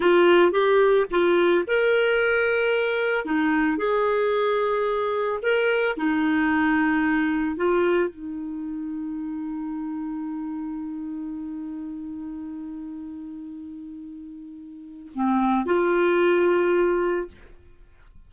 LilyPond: \new Staff \with { instrumentName = "clarinet" } { \time 4/4 \tempo 4 = 111 f'4 g'4 f'4 ais'4~ | ais'2 dis'4 gis'4~ | gis'2 ais'4 dis'4~ | dis'2 f'4 dis'4~ |
dis'1~ | dis'1~ | dis'1 | c'4 f'2. | }